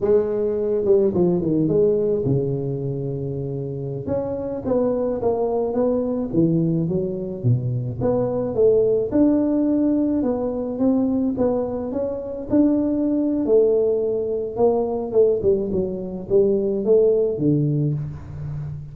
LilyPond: \new Staff \with { instrumentName = "tuba" } { \time 4/4 \tempo 4 = 107 gis4. g8 f8 dis8 gis4 | cis2.~ cis16 cis'8.~ | cis'16 b4 ais4 b4 e8.~ | e16 fis4 b,4 b4 a8.~ |
a16 d'2 b4 c'8.~ | c'16 b4 cis'4 d'4.~ d'16 | a2 ais4 a8 g8 | fis4 g4 a4 d4 | }